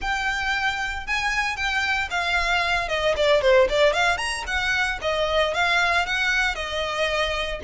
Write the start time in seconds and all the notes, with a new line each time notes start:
0.01 G5
1.06 G#5
1.56 G5
2.10 F5
2.88 D#5
3.16 D5
3.41 C5
3.69 D5
3.93 F5
4.17 A#5
4.46 F#5
5.01 D#5
5.54 F5
6.06 F#5
6.55 D#5